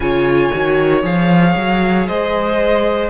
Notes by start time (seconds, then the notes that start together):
0.00 C#3 F4 C#5 G#5
0.52 D#3 F#4
1.02 F3 G#4 F5
1.56 F#3
2.07 G#3 C5 D#5